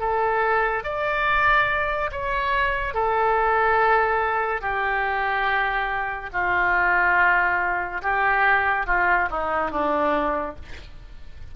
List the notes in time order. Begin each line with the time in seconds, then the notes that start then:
0.00 A4
0.84 D5
2.12 C#5
2.95 A4
4.61 G4
6.33 F4
8.02 G4
8.87 F4
9.31 D#4
9.72 D4